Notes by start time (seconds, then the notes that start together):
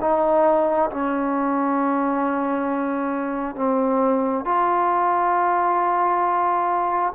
0.00 D#4
0.90 C#4
3.55 C4
4.44 F4